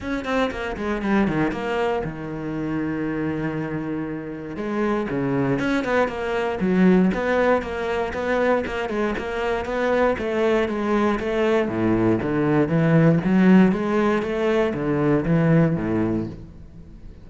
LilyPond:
\new Staff \with { instrumentName = "cello" } { \time 4/4 \tempo 4 = 118 cis'8 c'8 ais8 gis8 g8 dis8 ais4 | dis1~ | dis4 gis4 cis4 cis'8 b8 | ais4 fis4 b4 ais4 |
b4 ais8 gis8 ais4 b4 | a4 gis4 a4 a,4 | d4 e4 fis4 gis4 | a4 d4 e4 a,4 | }